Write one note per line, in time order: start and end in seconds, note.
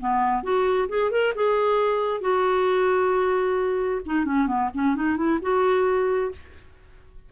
0.00 0.43 B3
0.43 0.88 F#4
0.89 1.11 G#4
1.11 1.34 A#4
1.35 2.21 G#4
2.21 4.01 F#4
4.05 4.25 D#4
4.25 4.47 C#4
4.47 4.70 B3
4.74 4.96 C#4
4.96 5.17 D#4
5.17 5.39 E4
5.42 6.32 F#4